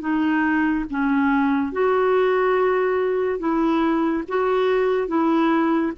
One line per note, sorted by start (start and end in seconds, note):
0.00 0.85 D#4
0.90 1.72 C#4
1.72 3.38 F#4
3.38 4.23 E4
4.28 5.07 F#4
5.07 5.92 E4